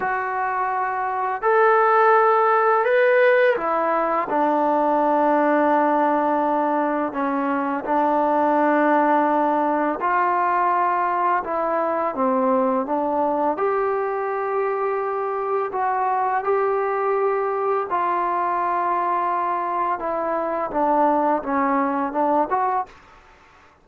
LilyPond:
\new Staff \with { instrumentName = "trombone" } { \time 4/4 \tempo 4 = 84 fis'2 a'2 | b'4 e'4 d'2~ | d'2 cis'4 d'4~ | d'2 f'2 |
e'4 c'4 d'4 g'4~ | g'2 fis'4 g'4~ | g'4 f'2. | e'4 d'4 cis'4 d'8 fis'8 | }